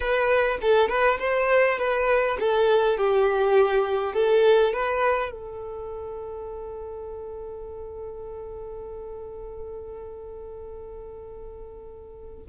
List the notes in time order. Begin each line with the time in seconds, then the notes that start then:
0.00 B4
0.61 A4
0.88 B4
1.19 C5
1.78 B4
2.39 A4
2.97 G4
4.13 A4
4.73 B4
5.31 A4